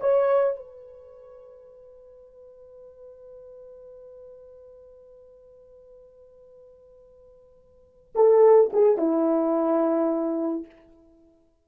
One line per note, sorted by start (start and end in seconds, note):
0.00 0.56 C#5
0.56 8.13 B4
8.15 8.71 A4
8.72 8.97 G#4
8.97 10.65 E4